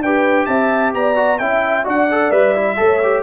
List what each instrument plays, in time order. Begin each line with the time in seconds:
0.00 tuba D4, horn B4, trumpet G5
0.06 trombone G4
0.46 tuba C4, horn E5, trumpet A5
0.94 tuba B3, horn D5, trumpet A#5
1.15 trombone F#4
1.38 tuba C#4, trombone E4, horn E5, trumpet G5
1.85 tuba D4, trombone F#4, horn D5, trumpet F#5
2.11 trombone A4
2.31 tuba G3, trombone B4, trumpet E5
2.56 trombone E4
2.77 tuba A3, trombone A4, horn C#5
3.03 trombone G4